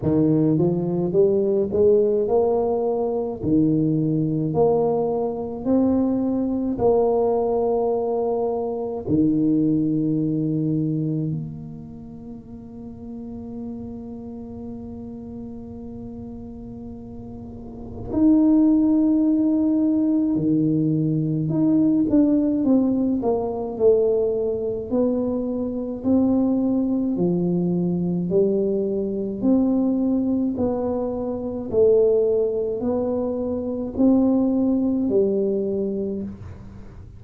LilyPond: \new Staff \with { instrumentName = "tuba" } { \time 4/4 \tempo 4 = 53 dis8 f8 g8 gis8 ais4 dis4 | ais4 c'4 ais2 | dis2 ais2~ | ais1 |
dis'2 dis4 dis'8 d'8 | c'8 ais8 a4 b4 c'4 | f4 g4 c'4 b4 | a4 b4 c'4 g4 | }